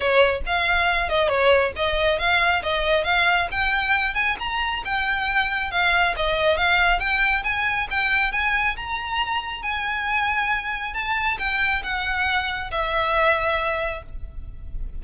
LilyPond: \new Staff \with { instrumentName = "violin" } { \time 4/4 \tempo 4 = 137 cis''4 f''4. dis''8 cis''4 | dis''4 f''4 dis''4 f''4 | g''4. gis''8 ais''4 g''4~ | g''4 f''4 dis''4 f''4 |
g''4 gis''4 g''4 gis''4 | ais''2 gis''2~ | gis''4 a''4 g''4 fis''4~ | fis''4 e''2. | }